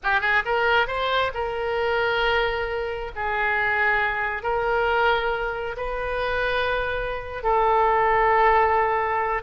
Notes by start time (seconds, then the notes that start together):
0.03 G4
0.20 G#4
0.45 A#4
0.87 C5
1.34 A#4
3.15 G#4
4.42 A#4
5.77 B4
7.43 A4